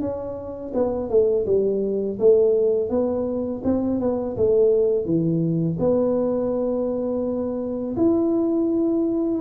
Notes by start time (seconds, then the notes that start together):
0.00 C#4
0.74 B3
1.09 A3
1.46 G3
2.19 A3
2.89 B3
3.64 C4
4.00 B3
4.37 A3
5.05 E3
5.79 B3
7.96 E4